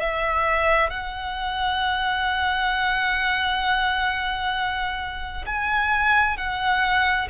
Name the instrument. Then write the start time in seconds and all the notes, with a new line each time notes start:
violin
0.00 E5
0.90 F#5
5.46 G#5
6.37 F#5